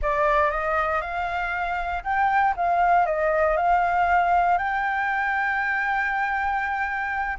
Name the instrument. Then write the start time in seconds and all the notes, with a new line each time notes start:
flute
0.01 D5
0.51 D#5
1.01 F5
2.03 G5
2.56 F5
3.06 D#5
3.56 F5
4.58 G5